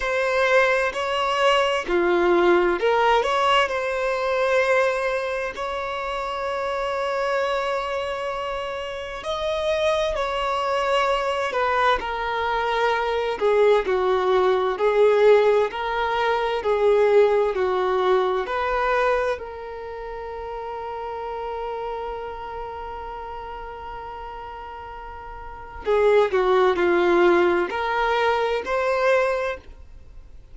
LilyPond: \new Staff \with { instrumentName = "violin" } { \time 4/4 \tempo 4 = 65 c''4 cis''4 f'4 ais'8 cis''8 | c''2 cis''2~ | cis''2 dis''4 cis''4~ | cis''8 b'8 ais'4. gis'8 fis'4 |
gis'4 ais'4 gis'4 fis'4 | b'4 ais'2.~ | ais'1 | gis'8 fis'8 f'4 ais'4 c''4 | }